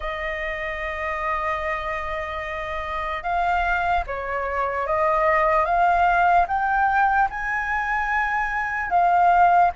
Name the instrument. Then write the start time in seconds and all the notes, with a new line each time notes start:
flute
0.00 D#5
3.22 F5
4.06 C#5
4.86 D#5
5.65 F5
6.47 G5
7.30 G#5
8.90 F5